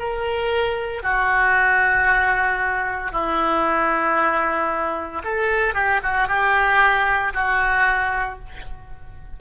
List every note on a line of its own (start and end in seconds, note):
0.00 1.03 A#4
1.03 3.12 F#4
3.12 5.23 E4
5.24 5.75 A4
5.75 6.01 G4
6.03 6.28 F#4
6.28 7.33 G4
7.34 8.39 F#4